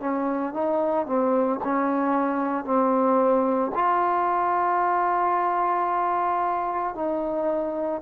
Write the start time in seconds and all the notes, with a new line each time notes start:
0.00 C#4
0.53 D#4
1.06 C4
1.64 C#4
2.64 C4
3.75 F4
6.95 D#4